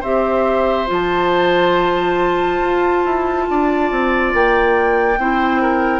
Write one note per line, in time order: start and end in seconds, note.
0.00 0.87 C4
0.00 0.87 G4
0.00 3.43 C5
0.00 0.88 E5
0.87 2.60 F3
0.87 5.15 F4
0.87 4.34 A5
2.60 3.03 F4
3.05 3.47 E4
3.49 3.91 D4
3.49 5.19 D5
3.91 4.33 C4
4.33 5.17 A#3
4.33 6.00 G5
5.17 6.00 C4
5.17 6.00 E4
5.17 5.61 C5
5.61 6.00 A#4